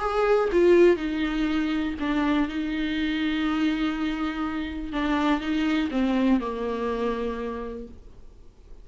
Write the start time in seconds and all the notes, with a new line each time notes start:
0.00 G#4
0.52 F4
0.97 D#4
2.00 D4
2.49 D#4
4.93 D4
5.41 D#4
5.91 C4
6.40 A#3